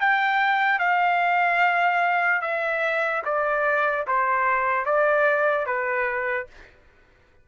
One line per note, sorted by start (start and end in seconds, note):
0.00 0.79 G5
0.79 2.41 F5
2.41 3.22 E5
3.25 4.06 D5
4.07 4.85 C5
4.85 5.66 D5
5.66 6.47 B4